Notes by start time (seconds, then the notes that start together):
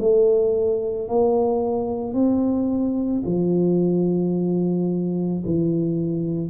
0.00 A3
1.09 A#3
2.14 C4
3.26 F3
5.46 E3